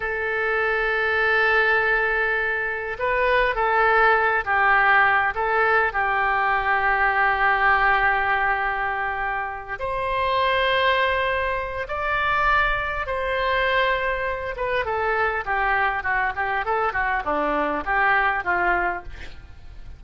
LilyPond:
\new Staff \with { instrumentName = "oboe" } { \time 4/4 \tempo 4 = 101 a'1~ | a'4 b'4 a'4. g'8~ | g'4 a'4 g'2~ | g'1~ |
g'8 c''2.~ c''8 | d''2 c''2~ | c''8 b'8 a'4 g'4 fis'8 g'8 | a'8 fis'8 d'4 g'4 f'4 | }